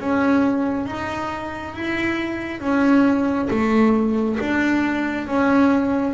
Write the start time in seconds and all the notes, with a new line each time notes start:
0.00 C#4
0.86 D#4
1.74 E4
2.61 C#4
3.51 A3
4.40 D4
5.27 C#4